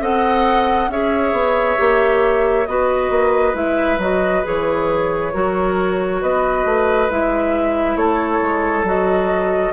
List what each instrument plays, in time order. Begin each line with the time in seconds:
0.00 bassoon C4, clarinet A4, oboe D#5, flute F#5
0.88 bassoon C#4, clarinet G#4, oboe C#5, flute E5
1.32 bassoon B3
1.77 bassoon A#3, clarinet G4
2.66 bassoon B3, clarinet F#4, oboe B4, flute D#5
3.09 bassoon A#3
3.53 bassoon G#3, clarinet E4, flute E5
3.98 bassoon F#3, clarinet F#4, flute D#5
4.44 bassoon E3, clarinet G#4, flute C#5
5.33 bassoon F#3, clarinet F#4, oboe A#4
6.21 bassoon B3, oboe B4, flute D#5
6.65 bassoon A3
7.10 bassoon G#3, clarinet E4, flute E5
7.96 bassoon A3, oboe A4, flute C#5
8.41 bassoon G#3
8.83 bassoon F#3, clarinet F#4, flute D#5